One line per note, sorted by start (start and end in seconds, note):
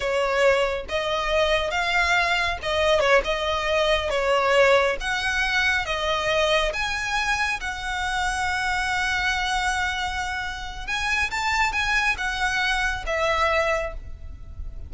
0.00 0.85 C#5
0.88 1.71 D#5
1.71 2.58 F5
2.62 3.00 D#5
3.00 3.21 C#5
3.24 4.10 D#5
4.10 4.97 C#5
5.00 5.85 F#5
5.85 6.72 D#5
6.73 7.60 G#5
7.60 10.86 F#5
10.86 11.30 G#5
11.30 11.72 A5
11.72 12.15 G#5
12.17 13.04 F#5
13.06 13.93 E5